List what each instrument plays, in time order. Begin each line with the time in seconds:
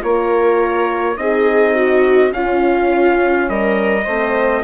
0.00 bassoon A#3, horn F4, viola A#4, trumpet C#5
1.17 bassoon C4, horn D#4, viola G#4, trumpet D#5
1.74 viola F#4
2.29 horn C#4, bassoon C#4, viola F4, trumpet F5
3.48 bassoon G3, viola A#4, trumpet D#5
4.03 bassoon A3, horn C4, viola C5